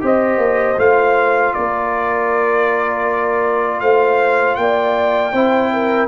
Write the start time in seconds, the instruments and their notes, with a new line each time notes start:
0.00 tuba C4, trombone G4, horn C5, trumpet D#5
0.37 tuba A#3
0.77 tuba A3, trombone F4, trumpet F5
1.54 tuba A#3, horn A#4, trumpet D5
3.80 tuba A3, horn C5, trumpet F5
4.55 tuba A#3, horn D5, trumpet G5
5.32 tuba C4, trombone E4, horn C5
5.73 horn A#4